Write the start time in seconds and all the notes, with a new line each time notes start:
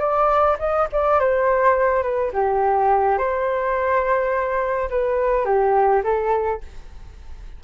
0.00 D5
0.59 D#5
0.93 D5
1.20 C5
2.03 B4
2.34 G4
3.18 C5
4.90 B4
5.45 G4
6.04 A4